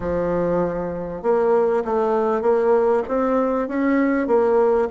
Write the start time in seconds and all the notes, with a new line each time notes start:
0.00 F3
1.22 A#3
1.85 A3
2.41 A#3
3.08 C4
3.68 C#4
4.27 A#3